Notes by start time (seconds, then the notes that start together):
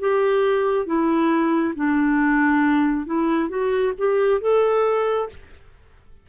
0.00 G4
0.86 E4
1.76 D4
3.06 E4
3.49 F#4
3.98 G4
4.41 A4